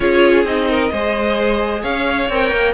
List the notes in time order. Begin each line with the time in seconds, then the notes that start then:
0.00 C#4 F4 G#4 C#5
0.44 C4 D#4 D#5
0.70 A#4
0.91 G#3 G#4 C5
1.81 C#4 C#5 F5
2.29 C4 A#4 G5
2.51 A#3